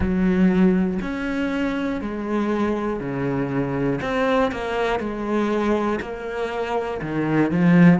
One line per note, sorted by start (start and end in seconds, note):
0.00 0.99 F#3
1.01 2.01 C#4
2.01 3.00 G#3
3.00 4.00 C#3
4.01 4.51 C4
4.51 4.99 A#3
4.99 5.99 G#3
6.00 7.00 A#3
7.01 7.50 D#3
7.50 7.99 F3